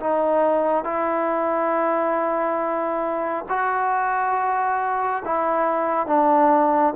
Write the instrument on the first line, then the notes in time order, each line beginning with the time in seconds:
trombone
0.00 D#4
0.85 E4
3.49 F#4
5.25 E4
6.07 D4